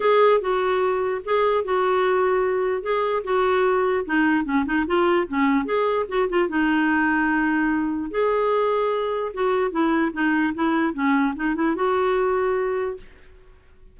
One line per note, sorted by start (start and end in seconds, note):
0.00 0.40 G#4
0.40 1.21 F#4
1.24 1.64 G#4
1.64 2.82 F#4
2.82 3.22 G#4
3.24 4.05 F#4
4.05 4.45 D#4
4.45 4.65 C#4
4.65 4.85 D#4
4.86 5.27 F4
5.28 5.65 C#4
5.65 6.05 G#4
6.08 6.28 F#4
6.29 6.48 F4
6.48 8.10 D#4
8.10 9.32 G#4
9.33 9.71 F#4
9.71 10.11 E4
10.13 10.53 D#4
10.54 10.93 E4
10.93 11.34 C#4
11.35 11.55 D#4
11.55 11.75 E4
11.75 12.97 F#4